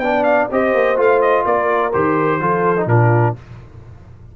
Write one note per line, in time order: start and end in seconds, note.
0.00 0.48 B3
0.00 0.50 D4
0.00 0.52 D5
0.00 0.24 G5
0.24 0.48 F5
0.51 0.74 C4
0.51 0.97 G4
0.51 1.45 C5
0.51 1.00 D#5
0.74 0.97 A#3
0.97 1.45 A3
0.97 1.92 F4
0.97 1.22 F5
1.22 1.45 D#5
1.45 1.94 A#3
1.45 2.40 A#4
1.45 1.93 D5
1.93 2.41 D#3
1.93 2.41 G4
1.93 2.88 C5
2.41 2.86 F3
2.41 2.77 F4
2.41 2.89 A4
2.78 2.88 D#4
2.86 3.34 A#2
2.86 3.36 D4
2.86 3.36 F4
2.86 3.36 A#4